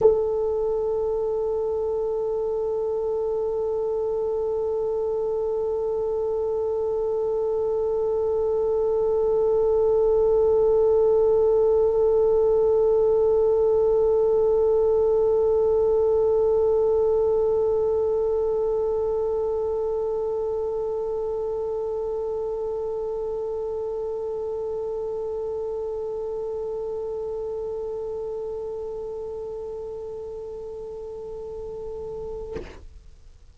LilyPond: \new Staff \with { instrumentName = "horn" } { \time 4/4 \tempo 4 = 59 a'1~ | a'1~ | a'1~ | a'1~ |
a'1~ | a'1~ | a'1~ | a'1 | }